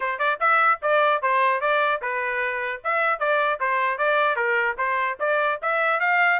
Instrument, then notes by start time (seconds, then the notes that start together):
trumpet
0.00 C5
0.18 D5
0.40 E5
0.81 D5
1.21 C5
1.60 D5
2.01 B4
2.84 E5
3.19 D5
3.59 C5
3.97 D5
4.35 A#4
4.77 C5
5.19 D5
5.62 E5
5.99 F5